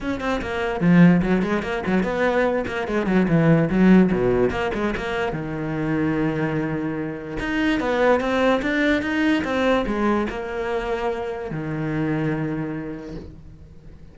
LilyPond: \new Staff \with { instrumentName = "cello" } { \time 4/4 \tempo 4 = 146 cis'8 c'8 ais4 f4 fis8 gis8 | ais8 fis8 b4. ais8 gis8 fis8 | e4 fis4 b,4 ais8 gis8 | ais4 dis2.~ |
dis2 dis'4 b4 | c'4 d'4 dis'4 c'4 | gis4 ais2. | dis1 | }